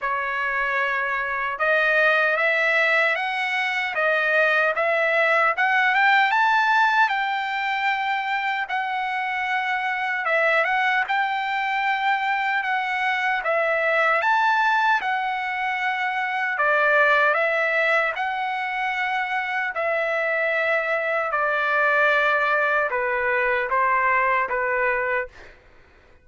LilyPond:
\new Staff \with { instrumentName = "trumpet" } { \time 4/4 \tempo 4 = 76 cis''2 dis''4 e''4 | fis''4 dis''4 e''4 fis''8 g''8 | a''4 g''2 fis''4~ | fis''4 e''8 fis''8 g''2 |
fis''4 e''4 a''4 fis''4~ | fis''4 d''4 e''4 fis''4~ | fis''4 e''2 d''4~ | d''4 b'4 c''4 b'4 | }